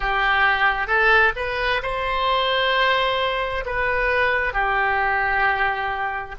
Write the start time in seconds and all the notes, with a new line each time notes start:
0.00 G4
0.87 A4
1.36 B4
1.82 C5
3.65 B4
4.53 G4